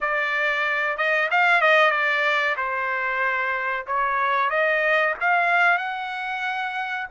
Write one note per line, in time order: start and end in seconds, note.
0.00 0.97 D5
0.97 1.29 D#5
1.30 1.61 F5
1.61 1.91 D#5
1.91 2.55 D5
2.57 3.86 C5
3.86 4.50 C#5
4.50 5.14 D#5
5.20 5.77 F5
5.77 7.06 F#5